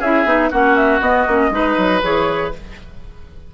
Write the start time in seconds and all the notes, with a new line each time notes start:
0.00 C#4 E4 G#4 E5
0.25 B3 D#4
0.51 A#3 C#4 F#4 F#5
0.76 E5
1.01 B3 D#5
1.27 A#3 C#4
1.51 G#3 D#4 B4
1.78 F#3
2.02 E3 G#4 C#5